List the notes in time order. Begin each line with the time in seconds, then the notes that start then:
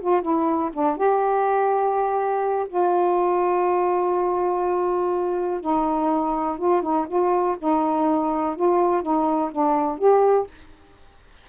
0.00 F4
0.22 E4
0.73 D4
0.97 G4
2.69 F4
5.60 D#4
6.58 F4
6.82 D#4
7.08 F4
7.59 D#4
8.56 F4
9.02 D#4
9.51 D4
9.98 G4